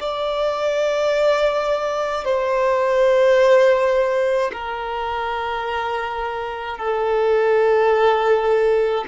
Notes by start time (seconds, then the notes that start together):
0.00 D5
2.24 C5
4.53 A#4
6.78 A4